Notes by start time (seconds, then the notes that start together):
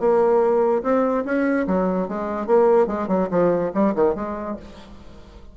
0.00 A#3
0.83 C4
1.25 C#4
1.67 F#3
2.09 G#3
2.47 A#3
2.87 G#3
3.08 F#3
3.31 F3
3.74 G3
3.95 D#3
4.15 G#3